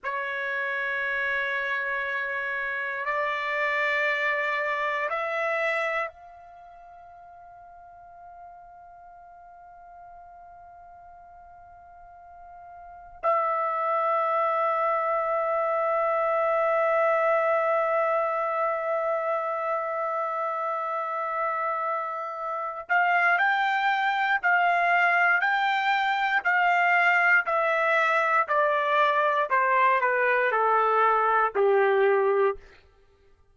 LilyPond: \new Staff \with { instrumentName = "trumpet" } { \time 4/4 \tempo 4 = 59 cis''2. d''4~ | d''4 e''4 f''2~ | f''1~ | f''4 e''2.~ |
e''1~ | e''2~ e''8 f''8 g''4 | f''4 g''4 f''4 e''4 | d''4 c''8 b'8 a'4 g'4 | }